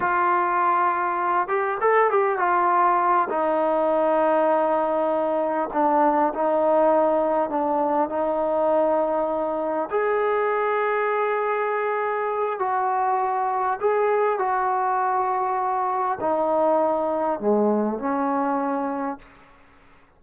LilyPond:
\new Staff \with { instrumentName = "trombone" } { \time 4/4 \tempo 4 = 100 f'2~ f'8 g'8 a'8 g'8 | f'4. dis'2~ dis'8~ | dis'4. d'4 dis'4.~ | dis'8 d'4 dis'2~ dis'8~ |
dis'8 gis'2.~ gis'8~ | gis'4 fis'2 gis'4 | fis'2. dis'4~ | dis'4 gis4 cis'2 | }